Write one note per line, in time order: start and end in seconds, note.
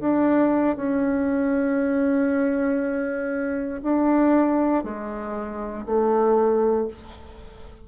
0.00 0.76 D4
0.76 3.81 C#4
3.83 4.83 D4
4.83 5.85 G#3
5.86 6.87 A3